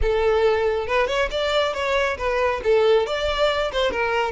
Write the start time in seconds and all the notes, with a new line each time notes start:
0.01 A4
0.87 B4
1.07 C#5
1.30 D5
1.73 C#5
2.17 B4
2.63 A4
3.06 D5
3.72 C5
3.91 A#4